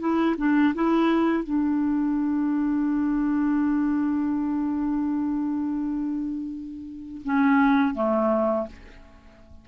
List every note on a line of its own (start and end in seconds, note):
0.00 0.36 E4
0.38 0.74 D4
0.75 1.44 E4
1.44 7.22 D4
7.25 7.95 C#4
7.95 8.67 A3